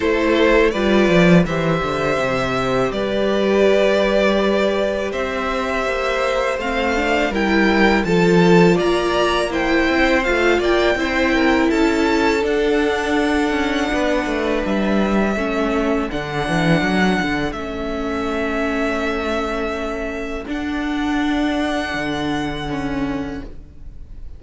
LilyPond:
<<
  \new Staff \with { instrumentName = "violin" } { \time 4/4 \tempo 4 = 82 c''4 d''4 e''2 | d''2. e''4~ | e''4 f''4 g''4 a''4 | ais''4 g''4 f''8 g''4. |
a''4 fis''2. | e''2 fis''2 | e''1 | fis''1 | }
  \new Staff \with { instrumentName = "violin" } { \time 4/4 a'4 b'4 c''2 | b'2. c''4~ | c''2 ais'4 a'4 | d''4 c''4. d''8 c''8 ais'8 |
a'2. b'4~ | b'4 a'2.~ | a'1~ | a'1 | }
  \new Staff \with { instrumentName = "viola" } { \time 4/4 e'4 f'4 g'2~ | g'1~ | g'4 c'8 d'8 e'4 f'4~ | f'4 e'4 f'4 e'4~ |
e'4 d'2.~ | d'4 cis'4 d'2 | cis'1 | d'2. cis'4 | }
  \new Staff \with { instrumentName = "cello" } { \time 4/4 a4 g8 f8 e8 d8 c4 | g2. c'4 | ais4 a4 g4 f4 | ais4. c'8 a8 ais8 c'4 |
cis'4 d'4. cis'8 b8 a8 | g4 a4 d8 e8 fis8 d8 | a1 | d'2 d2 | }
>>